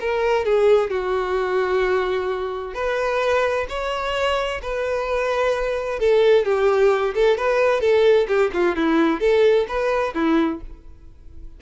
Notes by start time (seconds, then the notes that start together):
0.00 A#4
0.45 G#4
0.90 F#4
2.74 B4
3.69 C#5
4.62 B4
5.99 A4
6.45 G4
7.15 A4
7.37 B4
7.81 A4
8.28 G4
8.53 F4
8.76 E4
9.20 A4
9.68 B4
10.14 E4